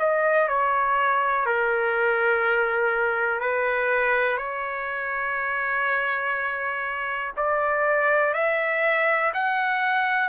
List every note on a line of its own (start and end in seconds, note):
0.00 0.49 D#5
0.49 1.46 C#5
1.46 3.41 A#4
3.41 4.38 B4
4.38 7.33 C#5
7.37 8.34 D5
8.34 9.33 E5
9.34 10.30 F#5